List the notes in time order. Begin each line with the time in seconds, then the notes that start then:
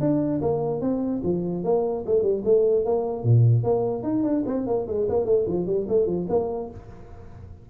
0.00 D4
0.41 A#3
0.81 C4
1.23 F3
1.64 A#3
2.06 A3
2.22 G3
2.45 A3
2.85 A#3
3.24 A#2
3.64 A#3
4.03 D#4
4.23 D4
4.46 C4
4.67 A#3
4.87 G#3
5.09 A#3
5.25 A3
5.47 F3
5.66 G3
5.88 A3
6.06 F3
6.29 A#3